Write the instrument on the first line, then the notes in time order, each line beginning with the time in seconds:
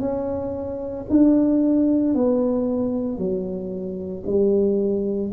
tuba
0.00 C#4
1.10 D4
2.14 B3
3.18 F#3
4.26 G3